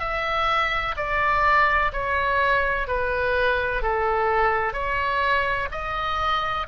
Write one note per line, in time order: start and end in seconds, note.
0.00 0.95 E5
0.97 1.92 D5
1.93 2.87 C#5
2.87 3.82 B4
3.82 4.73 A4
4.73 5.68 C#5
5.71 6.67 D#5